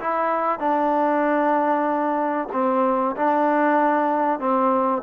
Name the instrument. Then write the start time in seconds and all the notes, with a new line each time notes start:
trombone
0.00 E4
0.59 D4
2.53 C4
3.16 D4
4.40 C4